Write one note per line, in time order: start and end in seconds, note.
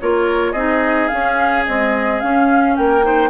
0.00 0.53 A#3
0.00 0.55 F4
0.00 0.52 A#4
0.00 0.52 C#5
0.52 1.08 C4
0.52 1.10 D#4
0.52 2.74 G#4
0.52 1.08 D#5
1.08 1.66 C#4
1.08 1.67 C#4
1.08 1.63 F5
1.65 2.21 G#3
1.65 2.22 C4
1.65 2.20 D#5
2.20 3.02 C#4
2.20 2.78 C#4
2.20 2.75 F5
2.76 3.29 A#3
2.76 3.05 A#4
2.76 3.29 G5
3.02 3.29 D#4
3.02 3.29 C5